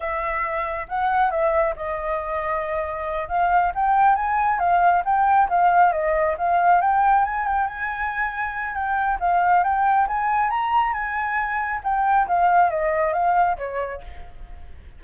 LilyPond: \new Staff \with { instrumentName = "flute" } { \time 4/4 \tempo 4 = 137 e''2 fis''4 e''4 | dis''2.~ dis''8 f''8~ | f''8 g''4 gis''4 f''4 g''8~ | g''8 f''4 dis''4 f''4 g''8~ |
g''8 gis''8 g''8 gis''2~ gis''8 | g''4 f''4 g''4 gis''4 | ais''4 gis''2 g''4 | f''4 dis''4 f''4 cis''4 | }